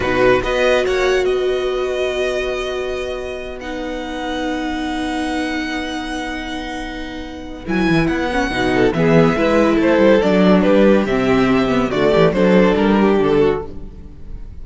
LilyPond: <<
  \new Staff \with { instrumentName = "violin" } { \time 4/4 \tempo 4 = 141 b'4 dis''4 fis''4 dis''4~ | dis''1~ | dis''8 fis''2.~ fis''8~ | fis''1~ |
fis''2 gis''4 fis''4~ | fis''4 e''2 c''4 | d''4 b'4 e''2 | d''4 c''4 ais'4 a'4 | }
  \new Staff \with { instrumentName = "violin" } { \time 4/4 fis'4 b'4 cis''4 b'4~ | b'1~ | b'1~ | b'1~ |
b'1~ | b'8 a'8 gis'4 b'4 a'4~ | a'4 g'2. | fis'8 g'8 a'4. g'4 fis'8 | }
  \new Staff \with { instrumentName = "viola" } { \time 4/4 dis'4 fis'2.~ | fis'1~ | fis'8 dis'2.~ dis'8~ | dis'1~ |
dis'2 e'4. cis'8 | dis'4 b4 e'2 | d'2 c'4. b8 | a4 d'2. | }
  \new Staff \with { instrumentName = "cello" } { \time 4/4 b,4 b4 ais4 b4~ | b1~ | b1~ | b1~ |
b2 fis8 e8 b4 | b,4 e4 gis4 a8 g8 | fis4 g4 c2 | d8 e8 fis4 g4 d4 | }
>>